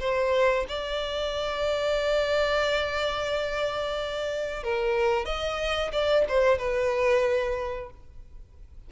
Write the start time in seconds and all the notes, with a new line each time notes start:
0.00 C5
0.69 D5
4.63 A#4
5.26 D#5
5.92 D5
6.29 C5
6.58 B4